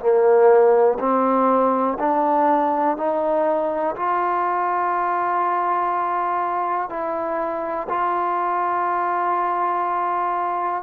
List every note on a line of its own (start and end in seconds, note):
0.00 0.98 A#3
0.99 1.98 C4
1.99 2.97 D4
2.97 3.96 D#4
3.96 6.89 F4
6.89 7.88 E4
7.89 10.83 F4